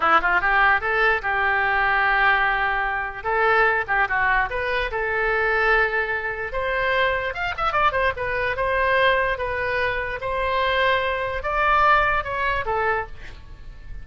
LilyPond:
\new Staff \with { instrumentName = "oboe" } { \time 4/4 \tempo 4 = 147 e'8 f'8 g'4 a'4 g'4~ | g'1 | a'4. g'8 fis'4 b'4 | a'1 |
c''2 f''8 e''8 d''8 c''8 | b'4 c''2 b'4~ | b'4 c''2. | d''2 cis''4 a'4 | }